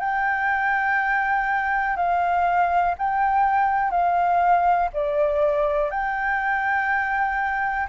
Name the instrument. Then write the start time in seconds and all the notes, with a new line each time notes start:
flute
0.00 G5
1.96 F5
2.98 G5
3.90 F5
4.93 D5
5.90 G5